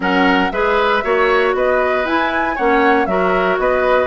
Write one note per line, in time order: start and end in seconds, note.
0.00 0.50 F#3
0.00 0.50 C#4
0.00 0.52 A#4
0.00 0.51 F#5
0.51 1.02 G#3
0.51 1.03 G#4
0.51 1.04 B4
0.51 1.53 E5
1.03 1.54 A#3
1.03 2.05 F#4
1.03 1.55 C#5
1.54 2.05 B3
1.54 2.55 B4
1.54 2.06 D#5
2.05 2.56 E4
2.05 2.57 G#5
2.55 3.06 A#3
2.55 3.07 C#4
2.55 3.06 C#5
2.55 3.06 F#5
3.06 3.57 F#3
3.06 4.06 F#4
3.06 3.60 A#4
3.06 3.57 E5
3.58 4.06 B3
3.58 4.06 B4
3.58 4.06 D#5